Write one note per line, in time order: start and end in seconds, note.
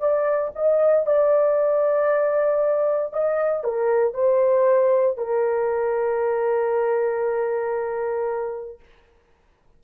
0.00 0.52 D5
0.55 1.06 D#5
1.06 3.13 D5
3.13 3.64 D#5
3.64 4.14 A#4
4.14 5.17 C5
5.17 8.80 A#4